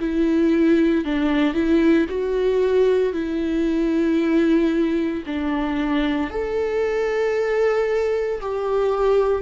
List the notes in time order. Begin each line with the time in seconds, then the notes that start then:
0.00 E4
1.05 D4
1.54 E4
2.09 F#4
3.13 E4
5.26 D4
6.30 A4
8.41 G4